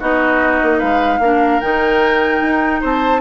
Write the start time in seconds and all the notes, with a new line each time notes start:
0.00 B3 D#4 F#4 D#5
0.63 A#3
0.79 G#3 B4 F5
1.19 A#3 D4 A#4
1.60 D#3 D#4 G5
2.41 D#4
2.81 C4 C5 A5